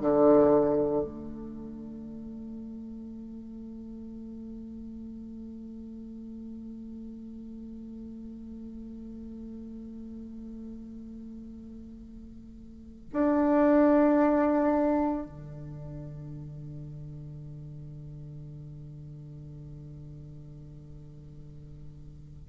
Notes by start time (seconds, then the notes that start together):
0.00 D3
1.05 A3
13.12 D4
15.26 D3